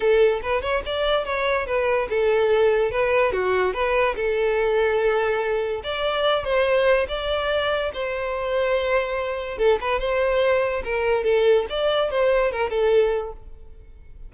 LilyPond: \new Staff \with { instrumentName = "violin" } { \time 4/4 \tempo 4 = 144 a'4 b'8 cis''8 d''4 cis''4 | b'4 a'2 b'4 | fis'4 b'4 a'2~ | a'2 d''4. c''8~ |
c''4 d''2 c''4~ | c''2. a'8 b'8 | c''2 ais'4 a'4 | d''4 c''4 ais'8 a'4. | }